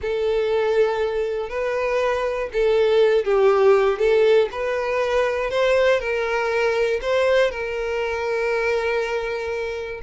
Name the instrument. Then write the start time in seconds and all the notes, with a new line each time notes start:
violin
0.01 A4
1.49 B4
2.52 A4
3.25 G4
3.99 A4
4.51 B4
5.50 C5
6.00 A#4
7.01 C5
7.50 A#4